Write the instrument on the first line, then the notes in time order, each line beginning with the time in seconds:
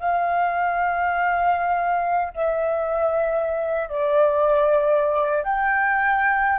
flute
0.00 F5
2.34 E5
3.90 D5
5.44 G5